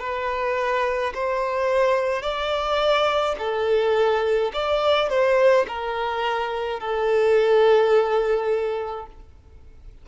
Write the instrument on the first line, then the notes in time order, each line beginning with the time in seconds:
violin
0.00 B4
1.14 C5
2.22 D5
3.39 A4
4.53 D5
5.09 C5
5.68 A#4
6.80 A4